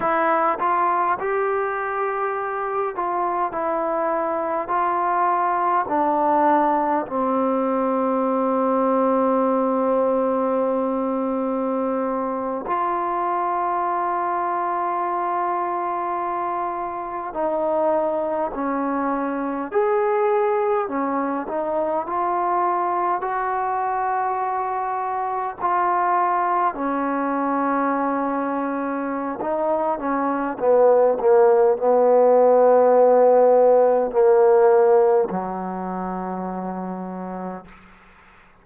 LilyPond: \new Staff \with { instrumentName = "trombone" } { \time 4/4 \tempo 4 = 51 e'8 f'8 g'4. f'8 e'4 | f'4 d'4 c'2~ | c'2~ c'8. f'4~ f'16~ | f'2~ f'8. dis'4 cis'16~ |
cis'8. gis'4 cis'8 dis'8 f'4 fis'16~ | fis'4.~ fis'16 f'4 cis'4~ cis'16~ | cis'4 dis'8 cis'8 b8 ais8 b4~ | b4 ais4 fis2 | }